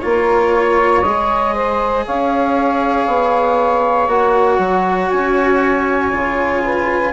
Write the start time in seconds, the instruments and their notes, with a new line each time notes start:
0.00 bassoon A#3, cello F4, flute C#5
0.07 saxophone A#4
0.54 saxophone C#5
1.02 bassoon G#3, cello G#4, flute D#5
1.55 saxophone C5
2.06 bassoon C#4, saxophone C#5, flute F5
3.07 bassoon B3
4.08 bassoon A#3, cello F#4, flute F#5
4.58 bassoon F#3
5.10 bassoon C#4, flute G#5
6.12 bassoon C#3, cello F4
6.64 saxophone B4